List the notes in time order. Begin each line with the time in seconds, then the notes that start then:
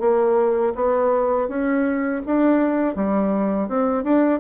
0.00 A#3
0.75 B3
1.49 C#4
2.26 D4
2.96 G3
3.69 C4
4.04 D4